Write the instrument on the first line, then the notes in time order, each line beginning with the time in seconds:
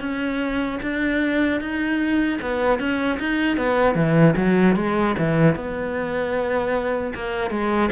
cello
0.00 C#4
0.82 D4
1.60 D#4
2.41 B3
2.79 C#4
3.19 D#4
3.57 B3
3.95 E3
4.36 F#3
4.75 G#3
5.18 E3
5.56 B3
7.14 A#3
7.50 G#3